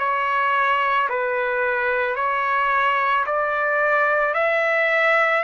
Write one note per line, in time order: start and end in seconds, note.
0.00 1.09 C#5
1.10 2.16 B4
2.16 3.25 C#5
3.26 4.34 D5
4.34 5.43 E5